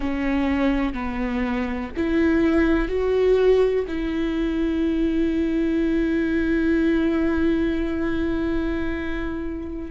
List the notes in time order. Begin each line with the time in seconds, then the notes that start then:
0.00 C#4
0.93 B3
1.96 E4
2.88 F#4
3.87 E4